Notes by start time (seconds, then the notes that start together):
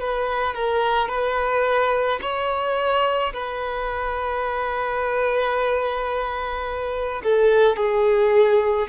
0.00 B4
0.55 A#4
1.09 B4
2.22 C#5
3.34 B4
7.24 A4
7.77 G#4